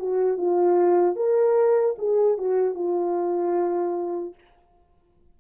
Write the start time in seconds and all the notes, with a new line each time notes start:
0.00 F#4
0.38 F4
1.16 A#4
1.99 G#4
2.38 F#4
2.75 F4